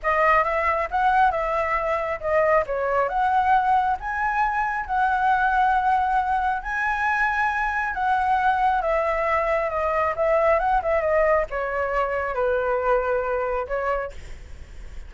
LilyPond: \new Staff \with { instrumentName = "flute" } { \time 4/4 \tempo 4 = 136 dis''4 e''4 fis''4 e''4~ | e''4 dis''4 cis''4 fis''4~ | fis''4 gis''2 fis''4~ | fis''2. gis''4~ |
gis''2 fis''2 | e''2 dis''4 e''4 | fis''8 e''8 dis''4 cis''2 | b'2. cis''4 | }